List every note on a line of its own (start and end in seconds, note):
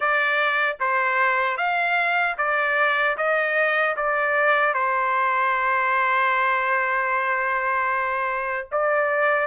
0.00 0.77 D5
0.79 1.57 C5
1.57 2.36 F5
2.37 3.16 D5
3.17 3.96 D#5
3.96 4.74 D5
4.74 8.68 C5
8.71 9.47 D5